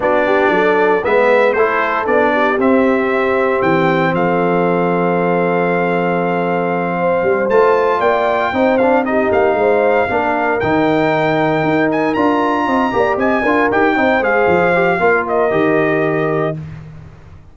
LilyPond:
<<
  \new Staff \with { instrumentName = "trumpet" } { \time 4/4 \tempo 4 = 116 d''2 e''4 c''4 | d''4 e''2 g''4 | f''1~ | f''2~ f''8 a''4 g''8~ |
g''4 f''8 dis''8 f''2~ | f''8 g''2~ g''8 gis''8 ais''8~ | ais''4. gis''4 g''4 f''8~ | f''4. dis''2~ dis''8 | }
  \new Staff \with { instrumentName = "horn" } { \time 4/4 fis'8 g'8 a'4 b'4 a'4~ | a'8 g'2.~ g'8 | a'1~ | a'4. c''2 d''8~ |
d''8 c''4 g'4 c''4 ais'8~ | ais'1~ | ais'8 dis''8 d''8 dis''8 ais'4 c''4~ | c''4 ais'2. | }
  \new Staff \with { instrumentName = "trombone" } { \time 4/4 d'2 b4 e'4 | d'4 c'2.~ | c'1~ | c'2~ c'8 f'4.~ |
f'8 dis'8 d'8 dis'2 d'8~ | d'8 dis'2. f'8~ | f'4 g'4 f'8 g'8 dis'8 gis'8~ | gis'8 g'8 f'4 g'2 | }
  \new Staff \with { instrumentName = "tuba" } { \time 4/4 b4 fis4 gis4 a4 | b4 c'2 e4 | f1~ | f2 g8 a4 ais8~ |
ais8 c'4. ais8 gis4 ais8~ | ais8 dis2 dis'4 d'8~ | d'8 c'8 ais8 c'8 d'8 dis'8 c'8 gis8 | f4 ais4 dis2 | }
>>